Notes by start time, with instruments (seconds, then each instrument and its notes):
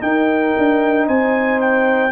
0.00 trombone D#4, tuba D#4, horn A#4, trumpet G5
0.58 tuba D4
1.07 tuba C4, horn C5, trumpet G#5
1.61 trumpet G5